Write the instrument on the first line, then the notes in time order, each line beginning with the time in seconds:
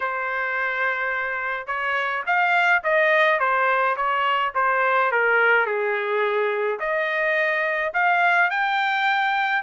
trumpet
0.00 C5
1.66 C#5
2.26 F5
2.83 D#5
3.39 C5
3.96 C#5
4.54 C5
5.11 A#4
5.66 G#4
6.79 D#5
7.93 F5
8.50 G5